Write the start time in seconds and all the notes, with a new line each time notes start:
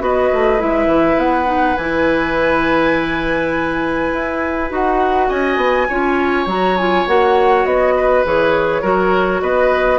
0.00 B3 F#4 B4 D#5
0.33 A3
0.59 G#3 E4 E5
0.87 E3
1.17 B3 F#5
1.45 D#4
1.77 E3 E4 G#5
4.12 E4
4.70 D#4 F#4 F#5
5.29 C#4 D#5 G#5
5.57 B3
5.89 C#4 F4 C#5
6.46 F#3 F#4 A#5
6.77 F4 G#5
7.07 A#3 F#4 F#5
7.65 B3 D#5
7.96 B4
8.25 E3 G#4 C#5
8.82 F#3 F#4 A#4
9.41 B3 B4 D#5